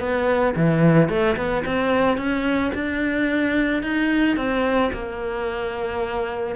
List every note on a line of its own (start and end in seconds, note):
0.00 0.55 B3
0.56 1.09 E3
1.09 1.36 A3
1.37 1.64 B3
1.66 2.17 C4
2.17 2.72 C#4
2.74 3.83 D4
3.83 4.37 D#4
4.37 4.91 C4
4.93 6.56 A#3